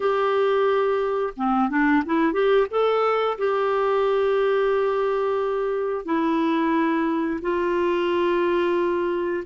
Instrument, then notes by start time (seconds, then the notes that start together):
clarinet
0.00 G4
1.36 C4
1.69 D4
2.05 E4
2.33 G4
2.70 A4
3.38 G4
6.05 E4
7.41 F4